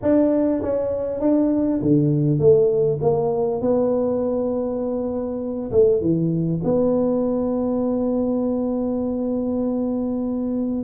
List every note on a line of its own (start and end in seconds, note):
0.02 0.62 D4
0.62 1.20 C#4
1.20 1.80 D4
1.81 2.39 D3
2.39 2.99 A3
3.01 3.61 A#3
3.61 5.71 B3
5.71 6.01 A3
6.01 6.61 E3
6.64 10.83 B3